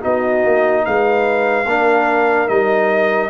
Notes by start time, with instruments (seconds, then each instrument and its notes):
0.00 tuba B3, trombone D#4, horn F#4, trumpet D#5
0.45 tuba A#3
0.85 tuba G#3, horn B4, trumpet F5
1.66 tuba A#3, trombone D4, horn A#4
2.48 tuba G3, trombone D#4, trumpet D#5